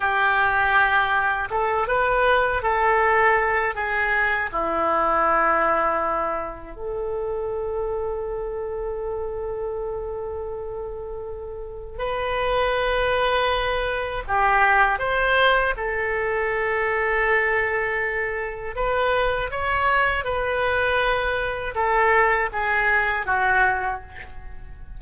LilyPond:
\new Staff \with { instrumentName = "oboe" } { \time 4/4 \tempo 4 = 80 g'2 a'8 b'4 a'8~ | a'4 gis'4 e'2~ | e'4 a'2.~ | a'1 |
b'2. g'4 | c''4 a'2.~ | a'4 b'4 cis''4 b'4~ | b'4 a'4 gis'4 fis'4 | }